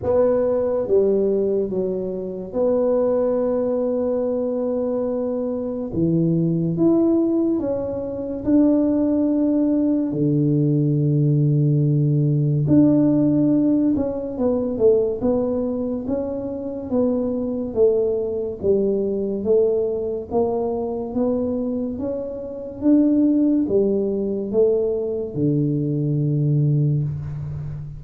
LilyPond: \new Staff \with { instrumentName = "tuba" } { \time 4/4 \tempo 4 = 71 b4 g4 fis4 b4~ | b2. e4 | e'4 cis'4 d'2 | d2. d'4~ |
d'8 cis'8 b8 a8 b4 cis'4 | b4 a4 g4 a4 | ais4 b4 cis'4 d'4 | g4 a4 d2 | }